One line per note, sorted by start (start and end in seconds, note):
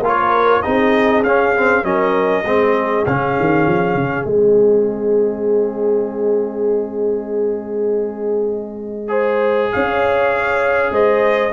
0.00 0.61 A#3
0.00 0.63 F4
0.00 0.63 A#4
0.07 0.62 C#5
0.62 1.23 C4
0.62 1.24 D#4
0.62 1.84 G#4
0.62 1.22 D#5
1.23 1.83 C#4
1.23 1.56 C#4
1.23 1.84 F5
1.56 1.83 C4
1.83 2.44 F#3
1.83 2.44 C#4
1.83 2.45 A#4
1.83 3.05 D#5
2.45 3.05 G#3
2.45 3.06 C4
2.45 9.09 G#4
3.06 3.36 C#3
3.06 4.27 C#4
3.06 4.27 F5
3.39 3.67 D#3
3.67 3.94 F3
3.94 4.24 C#3
4.25 9.70 G#3
4.25 9.08 C4
4.25 9.72 D#5
9.08 11.50 G#4
9.08 9.70 C5
9.72 10.91 C#4
9.72 10.92 C#5
9.72 10.93 F5
10.91 11.52 G#3
10.91 11.53 C5
10.91 11.53 D#5